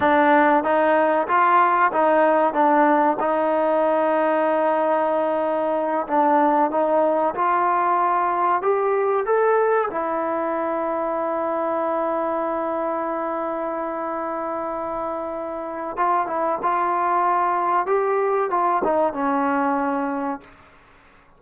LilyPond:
\new Staff \with { instrumentName = "trombone" } { \time 4/4 \tempo 4 = 94 d'4 dis'4 f'4 dis'4 | d'4 dis'2.~ | dis'4. d'4 dis'4 f'8~ | f'4. g'4 a'4 e'8~ |
e'1~ | e'1~ | e'4 f'8 e'8 f'2 | g'4 f'8 dis'8 cis'2 | }